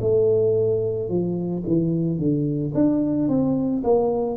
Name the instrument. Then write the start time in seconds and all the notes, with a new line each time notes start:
tuba
0.00 A3
1.08 F3
1.67 E3
2.18 D3
2.74 D4
3.28 C4
3.83 A#3